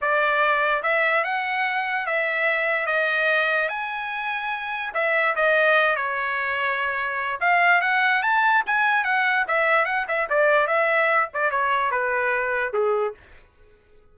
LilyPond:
\new Staff \with { instrumentName = "trumpet" } { \time 4/4 \tempo 4 = 146 d''2 e''4 fis''4~ | fis''4 e''2 dis''4~ | dis''4 gis''2. | e''4 dis''4. cis''4.~ |
cis''2 f''4 fis''4 | a''4 gis''4 fis''4 e''4 | fis''8 e''8 d''4 e''4. d''8 | cis''4 b'2 gis'4 | }